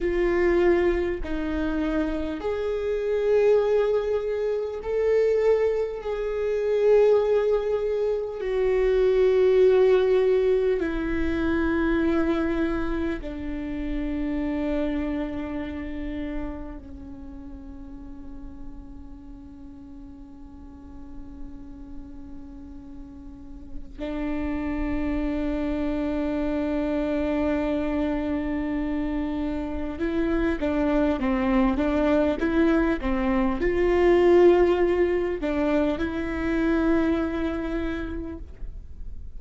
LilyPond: \new Staff \with { instrumentName = "viola" } { \time 4/4 \tempo 4 = 50 f'4 dis'4 gis'2 | a'4 gis'2 fis'4~ | fis'4 e'2 d'4~ | d'2 cis'2~ |
cis'1 | d'1~ | d'4 e'8 d'8 c'8 d'8 e'8 c'8 | f'4. d'8 e'2 | }